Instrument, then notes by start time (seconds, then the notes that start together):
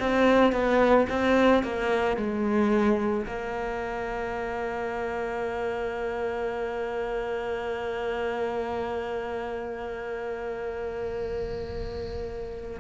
cello
0.00 C4
0.53 B3
1.10 C4
1.63 A#3
2.17 G#3
3.26 A#3